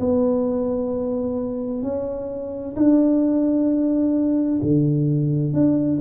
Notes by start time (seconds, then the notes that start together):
0.00 B3
1.83 C#4
2.76 D4
4.62 D3
5.53 D4